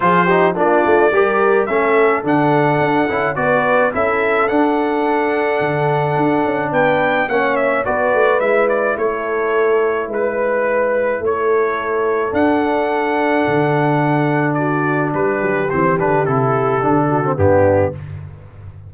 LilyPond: <<
  \new Staff \with { instrumentName = "trumpet" } { \time 4/4 \tempo 4 = 107 c''4 d''2 e''4 | fis''2 d''4 e''4 | fis''1 | g''4 fis''8 e''8 d''4 e''8 d''8 |
cis''2 b'2 | cis''2 fis''2~ | fis''2 d''4 b'4 | c''8 b'8 a'2 g'4 | }
  \new Staff \with { instrumentName = "horn" } { \time 4/4 gis'8 g'8 f'4 ais'4 a'4~ | a'2 b'4 a'4~ | a'1 | b'4 cis''4 b'2 |
a'2 b'2 | a'1~ | a'2 fis'4 g'4~ | g'2~ g'8 fis'8 d'4 | }
  \new Staff \with { instrumentName = "trombone" } { \time 4/4 f'8 dis'8 d'4 g'4 cis'4 | d'4. e'8 fis'4 e'4 | d'1~ | d'4 cis'4 fis'4 e'4~ |
e'1~ | e'2 d'2~ | d'1 | c'8 d'8 e'4 d'8. c'16 b4 | }
  \new Staff \with { instrumentName = "tuba" } { \time 4/4 f4 ais8 a8 g4 a4 | d4 d'8 cis'8 b4 cis'4 | d'2 d4 d'8 cis'8 | b4 ais4 b8 a8 gis4 |
a2 gis2 | a2 d'2 | d2. g8 fis8 | e8 d8 c4 d4 g,4 | }
>>